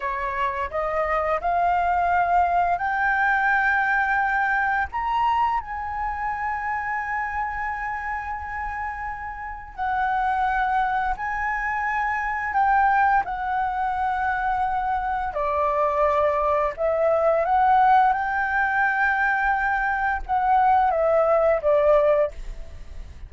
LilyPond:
\new Staff \with { instrumentName = "flute" } { \time 4/4 \tempo 4 = 86 cis''4 dis''4 f''2 | g''2. ais''4 | gis''1~ | gis''2 fis''2 |
gis''2 g''4 fis''4~ | fis''2 d''2 | e''4 fis''4 g''2~ | g''4 fis''4 e''4 d''4 | }